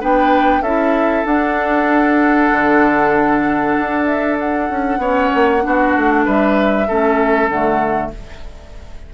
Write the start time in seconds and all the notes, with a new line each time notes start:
0.00 B3 D4 B4 G5
0.61 C#4 E4 A4 E5
1.25 D4 F#5
2.52 D3
3.79 D4
4.06 E5
4.39 F#5
4.70 C#4
4.98 B3 C#4 C#5
5.34 A#3
5.61 B3 D4 F#4
5.96 A3
6.25 G3 B4 E5
6.87 A3 C#4 A4
7.48 D3 A3 F#5